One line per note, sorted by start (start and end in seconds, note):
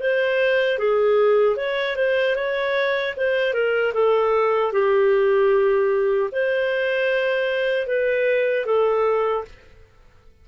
0.00 0.79 C5
0.79 1.57 G#4
1.57 1.96 C#5
1.96 2.36 C5
2.36 3.15 C#5
3.17 3.54 C5
3.54 3.93 A#4
3.94 4.73 A4
4.73 6.31 G4
6.32 7.87 C5
7.87 8.66 B4
8.66 9.45 A4